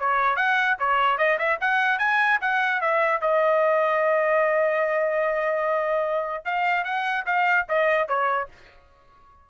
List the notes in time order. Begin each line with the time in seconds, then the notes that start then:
0.00 C#5
0.37 F#5
0.79 C#5
1.18 D#5
1.39 E5
1.61 F#5
1.99 G#5
2.42 F#5
2.81 E5
3.22 D#5
6.45 F5
6.85 F#5
7.26 F5
7.69 D#5
8.09 C#5